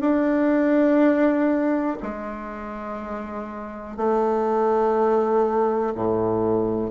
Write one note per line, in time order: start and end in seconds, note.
0.00 1.97 D4
2.02 3.97 G#3
3.97 5.93 A3
5.95 6.90 A2